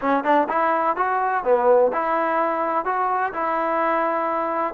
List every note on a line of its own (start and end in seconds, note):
0.01 0.23 C#4
0.23 0.47 D4
0.48 0.96 E4
0.96 1.44 F#4
1.44 1.91 B3
1.92 2.85 E4
2.85 3.32 F#4
3.33 4.74 E4